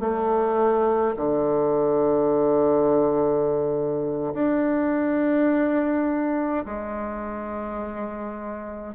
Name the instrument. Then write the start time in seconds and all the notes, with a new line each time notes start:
bassoon
0.00 A3
1.16 D3
4.34 D4
6.65 G#3